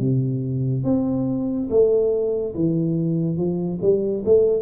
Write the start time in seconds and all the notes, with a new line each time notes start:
0.00 C3
0.85 C4
1.70 A3
2.55 E3
3.37 F3
3.82 G3
4.26 A3